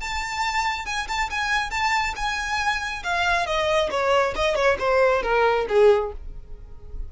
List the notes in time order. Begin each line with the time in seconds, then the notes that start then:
0.00 A5
0.85 G#5
1.08 A5
1.30 G#5
1.70 A5
2.16 G#5
3.03 F5
3.46 D#5
3.91 C#5
4.35 D#5
4.55 C#5
4.79 C5
5.23 A#4
5.68 G#4